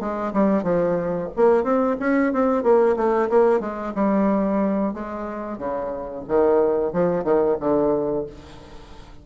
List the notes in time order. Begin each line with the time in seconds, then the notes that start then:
0.00 G#3
0.33 G3
0.63 F3
1.36 A#3
1.63 C4
2.00 C#4
2.33 C4
2.63 A#3
2.96 A3
3.30 A#3
3.60 G#3
3.95 G3
4.94 G#3
5.58 C#3
6.28 D#3
6.93 F3
7.24 D#3
7.60 D3